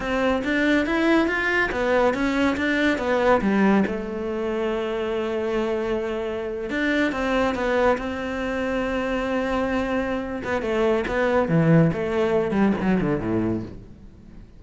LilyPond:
\new Staff \with { instrumentName = "cello" } { \time 4/4 \tempo 4 = 141 c'4 d'4 e'4 f'4 | b4 cis'4 d'4 b4 | g4 a2.~ | a2.~ a8. d'16~ |
d'8. c'4 b4 c'4~ c'16~ | c'1~ | c'8 b8 a4 b4 e4 | a4. g8 fis8 d8 a,4 | }